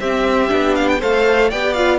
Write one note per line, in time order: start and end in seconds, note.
0.00 0.50 C4
0.00 0.49 C4
0.00 1.00 G4
0.00 0.76 E5
0.49 1.02 B3
0.49 0.99 D4
0.76 0.88 F5
0.88 1.01 G5
1.00 1.52 A3
1.00 1.52 A4
1.00 1.50 C5
1.00 1.51 F5
1.50 1.99 B3
1.50 1.76 G4
1.50 1.99 D5
1.50 1.73 G5
1.73 1.99 F4
1.73 1.99 F5